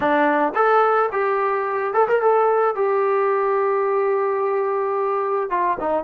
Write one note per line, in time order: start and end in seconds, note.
0.00 0.53 D4
0.55 1.10 A4
1.12 1.93 G4
1.93 2.07 A4
2.07 2.21 A#4
2.21 2.75 A4
2.75 5.49 G4
5.49 5.77 F4
5.79 6.04 D#4